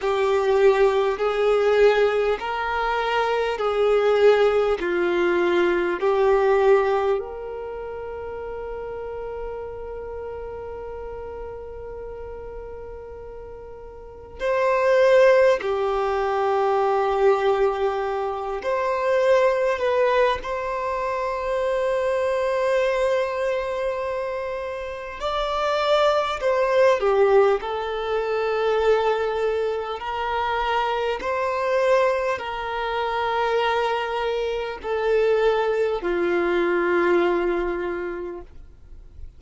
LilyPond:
\new Staff \with { instrumentName = "violin" } { \time 4/4 \tempo 4 = 50 g'4 gis'4 ais'4 gis'4 | f'4 g'4 ais'2~ | ais'1 | c''4 g'2~ g'8 c''8~ |
c''8 b'8 c''2.~ | c''4 d''4 c''8 g'8 a'4~ | a'4 ais'4 c''4 ais'4~ | ais'4 a'4 f'2 | }